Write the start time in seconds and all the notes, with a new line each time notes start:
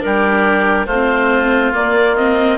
0.00 G3 D4 G4 A#4
0.86 A3 F4 C5
0.93 C4
1.73 A#3 D5
2.16 C4 D#5